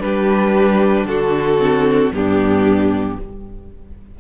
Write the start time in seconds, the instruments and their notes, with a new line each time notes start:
0.00 cello G3, viola D4, violin G4 B4
1.05 cello D3, violin F#4 A4
1.59 viola C4
2.12 cello G2, viola B3, violin D4 G4